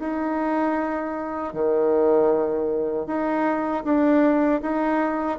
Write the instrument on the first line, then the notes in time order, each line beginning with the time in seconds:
bassoon
0.00 D#4
1.53 D#3
3.07 D#4
3.85 D4
4.62 D#4